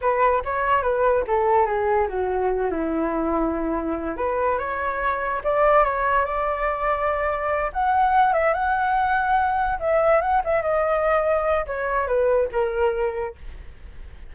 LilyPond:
\new Staff \with { instrumentName = "flute" } { \time 4/4 \tempo 4 = 144 b'4 cis''4 b'4 a'4 | gis'4 fis'4. e'4.~ | e'2 b'4 cis''4~ | cis''4 d''4 cis''4 d''4~ |
d''2~ d''8 fis''4. | e''8 fis''2. e''8~ | e''8 fis''8 e''8 dis''2~ dis''8 | cis''4 b'4 ais'2 | }